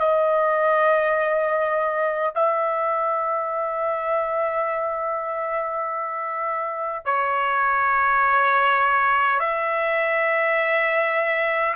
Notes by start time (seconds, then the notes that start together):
0.00 D#5
2.35 E5
7.05 C#5
9.40 E5